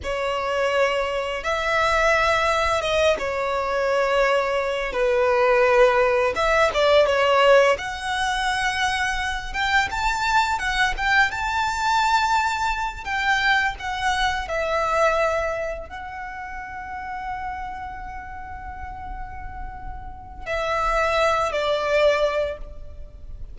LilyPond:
\new Staff \with { instrumentName = "violin" } { \time 4/4 \tempo 4 = 85 cis''2 e''2 | dis''8 cis''2~ cis''8 b'4~ | b'4 e''8 d''8 cis''4 fis''4~ | fis''4. g''8 a''4 fis''8 g''8 |
a''2~ a''8 g''4 fis''8~ | fis''8 e''2 fis''4.~ | fis''1~ | fis''4 e''4. d''4. | }